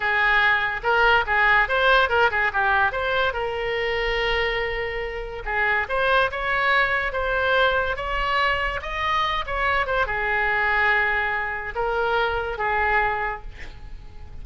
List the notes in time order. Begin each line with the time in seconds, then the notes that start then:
0.00 G#4
0.83 A#4
1.26 G#4
1.68 C5
2.09 A#4
2.30 G#4
2.53 G4
2.92 C5
3.33 A#4
5.45 G#4
5.88 C5
6.31 C#5
7.12 C5
7.96 C#5
8.82 D#5
9.46 C#5
9.86 C5
10.06 G#4
11.75 A#4
12.58 G#4